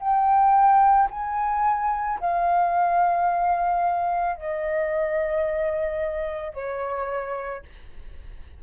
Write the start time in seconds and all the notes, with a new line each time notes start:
0.00 G5
1.11 G#5
2.21 F5
4.36 D#5
6.54 C#5